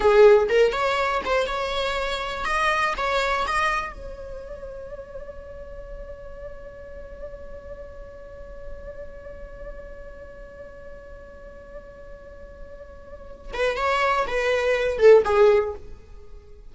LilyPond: \new Staff \with { instrumentName = "viola" } { \time 4/4 \tempo 4 = 122 gis'4 ais'8 cis''4 c''8 cis''4~ | cis''4 dis''4 cis''4 dis''4 | cis''1~ | cis''1~ |
cis''1~ | cis''1~ | cis''2.~ cis''8 b'8 | cis''4 b'4. a'8 gis'4 | }